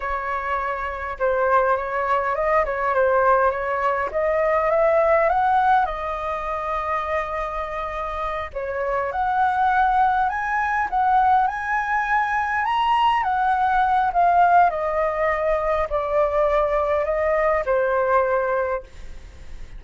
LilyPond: \new Staff \with { instrumentName = "flute" } { \time 4/4 \tempo 4 = 102 cis''2 c''4 cis''4 | dis''8 cis''8 c''4 cis''4 dis''4 | e''4 fis''4 dis''2~ | dis''2~ dis''8 cis''4 fis''8~ |
fis''4. gis''4 fis''4 gis''8~ | gis''4. ais''4 fis''4. | f''4 dis''2 d''4~ | d''4 dis''4 c''2 | }